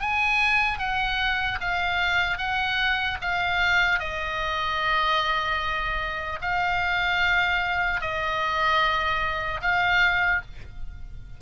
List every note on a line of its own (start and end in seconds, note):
0.00 0.78 G#5
0.78 1.58 F#5
1.61 2.38 F5
2.38 3.18 F#5
3.21 3.99 F5
3.99 6.39 D#5
6.41 8.01 F5
8.01 9.61 D#5
9.61 10.41 F5